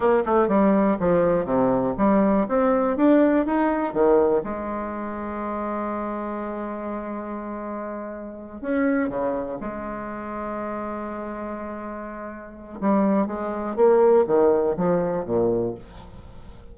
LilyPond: \new Staff \with { instrumentName = "bassoon" } { \time 4/4 \tempo 4 = 122 ais8 a8 g4 f4 c4 | g4 c'4 d'4 dis'4 | dis4 gis2.~ | gis1~ |
gis4. cis'4 cis4 gis8~ | gis1~ | gis2 g4 gis4 | ais4 dis4 f4 ais,4 | }